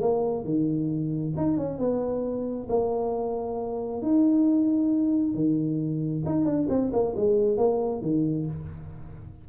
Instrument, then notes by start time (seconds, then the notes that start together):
tuba
0.00 A#3
0.44 D#3
1.37 D#4
1.57 C#4
1.78 B3
2.69 A#3
4.02 D#4
5.34 D#3
6.25 D#4
6.45 D4
6.69 C4
6.93 A#3
7.16 G#3
7.57 A#3
8.01 D#3